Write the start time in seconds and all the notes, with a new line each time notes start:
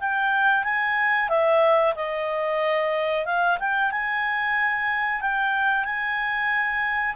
0.00 G5
0.64 G#5
1.29 E5
1.96 D#5
3.26 F5
3.60 G5
3.92 G#5
5.21 G5
5.85 G#5